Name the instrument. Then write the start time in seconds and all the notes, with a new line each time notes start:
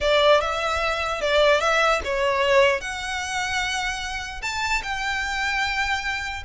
violin
0.01 D5
0.40 E5
1.21 D5
1.60 E5
2.04 C#5
2.80 F#5
4.41 A5
4.82 G5